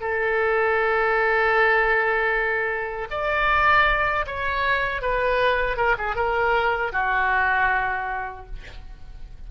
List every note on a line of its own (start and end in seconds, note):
0.00 3.08 A4
3.10 4.25 D5
4.26 5.01 C#5
5.01 5.76 B4
5.76 5.95 A#4
5.98 6.15 G#4
6.15 6.92 A#4
6.92 8.46 F#4